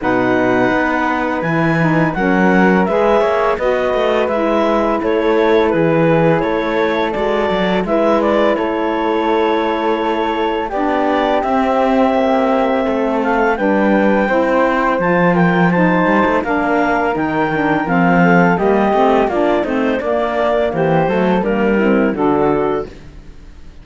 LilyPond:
<<
  \new Staff \with { instrumentName = "clarinet" } { \time 4/4 \tempo 4 = 84 fis''2 gis''4 fis''4 | e''4 dis''4 e''4 cis''4 | b'4 cis''4 d''4 e''8 d''8 | cis''2. d''4 |
e''2~ e''8 f''8 g''4~ | g''4 a''8 g''8 a''4 f''4 | g''4 f''4 dis''4 d''8 c''8 | d''4 c''4 ais'4 a'4 | }
  \new Staff \with { instrumentName = "flute" } { \time 4/4 b'2. ais'4 | b'8 cis''8 b'2 a'4 | gis'4 a'2 b'4 | a'2. g'4~ |
g'2 a'4 b'4 | c''4. ais'8 c''4 ais'4~ | ais'4. a'8 g'4 f'8 dis'8 | d'4 g'8 a'8 d'8 e'8 fis'4 | }
  \new Staff \with { instrumentName = "saxophone" } { \time 4/4 dis'2 e'8 dis'8 cis'4 | gis'4 fis'4 e'2~ | e'2 fis'4 e'4~ | e'2. d'4 |
c'2. d'4 | e'4 f'4 dis'4 d'4 | dis'8 d'8 c'4 ais8 c'8 d'8 c'8 | ais4. a8 ais8 c'8 d'4 | }
  \new Staff \with { instrumentName = "cello" } { \time 4/4 b,4 b4 e4 fis4 | gis8 ais8 b8 a8 gis4 a4 | e4 a4 gis8 fis8 gis4 | a2. b4 |
c'4 ais4 a4 g4 | c'4 f4. g16 a16 ais4 | dis4 f4 g8 a8 ais8 a8 | ais4 e8 fis8 g4 d4 | }
>>